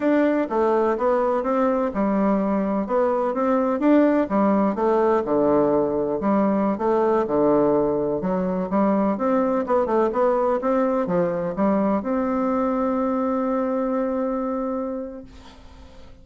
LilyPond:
\new Staff \with { instrumentName = "bassoon" } { \time 4/4 \tempo 4 = 126 d'4 a4 b4 c'4 | g2 b4 c'4 | d'4 g4 a4 d4~ | d4 g4~ g16 a4 d8.~ |
d4~ d16 fis4 g4 c'8.~ | c'16 b8 a8 b4 c'4 f8.~ | f16 g4 c'2~ c'8.~ | c'1 | }